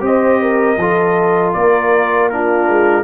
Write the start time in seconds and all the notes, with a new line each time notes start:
0.00 C4 G4 C5 D#5
0.42 A#4
0.77 F3 F4 A4
1.53 A#3 A#4 D5
2.29 D4 F4 A#4
2.69 G#3